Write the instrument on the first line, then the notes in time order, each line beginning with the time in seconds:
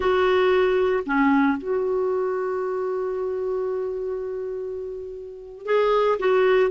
clarinet
0.00 F#4
1.06 C#4
1.58 F#4
5.65 G#4
6.19 F#4